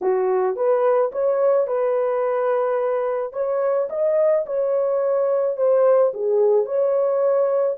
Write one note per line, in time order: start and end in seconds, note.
0.01 0.56 F#4
0.56 1.11 B4
1.12 1.67 C#5
1.67 3.33 B4
3.33 3.88 C#5
3.89 4.45 D#5
4.46 5.57 C#5
5.57 6.12 C5
6.13 6.65 G#4
6.65 7.76 C#5